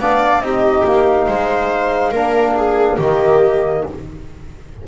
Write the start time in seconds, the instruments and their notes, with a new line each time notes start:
0.00 double bass B3, trombone D4, viola D5, flute F5
0.40 double bass C4, trombone D#4, viola G4, flute D#5
0.84 double bass A#3, flute F5
1.28 double bass G#3, viola C5
2.12 double bass A#3, trombone D4, viola A#4
2.57 viola G#4
2.97 double bass D#3, trombone A#3, viola G4, flute D#5